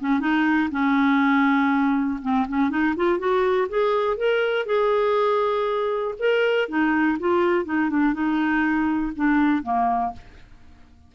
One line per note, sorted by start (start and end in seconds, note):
0.00 0.20 C#4
0.20 0.69 D#4
0.71 2.20 C#4
2.22 2.47 C4
2.48 2.70 C#4
2.70 2.95 D#4
2.96 3.18 F4
3.18 3.68 F#4
3.69 4.17 G#4
4.17 4.66 A#4
4.66 6.14 G#4
6.19 6.68 A#4
6.68 7.18 D#4
7.19 7.65 F4
7.65 7.90 D#4
7.90 8.13 D4
8.13 9.12 D#4
9.16 9.63 D4
9.63 10.12 A#3